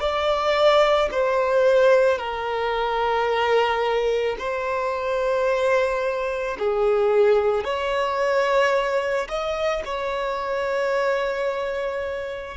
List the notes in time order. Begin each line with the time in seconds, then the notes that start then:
0.00 D5
1.11 C5
2.18 A#4
4.38 C5
6.59 G#4
7.64 C#5
9.28 D#5
9.85 C#5